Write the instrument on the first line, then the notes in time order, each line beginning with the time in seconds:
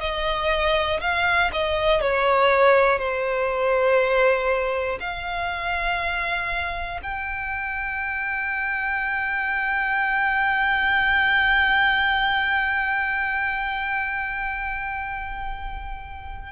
violin
0.00 D#5
1.00 F5
1.52 D#5
2.01 C#5
2.99 C5
5.00 F5
7.02 G5